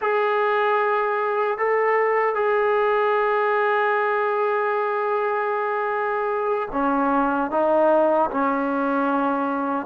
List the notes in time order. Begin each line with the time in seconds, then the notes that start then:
0.01 G#4
1.58 A4
2.34 G#4
6.72 C#4
7.50 D#4
8.30 C#4